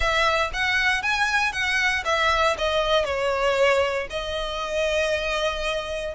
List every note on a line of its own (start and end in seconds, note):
0.00 0.51 E5
0.53 1.02 F#5
1.02 1.52 G#5
1.52 2.03 F#5
2.05 2.56 E5
2.58 3.05 D#5
3.05 4.07 C#5
4.10 6.14 D#5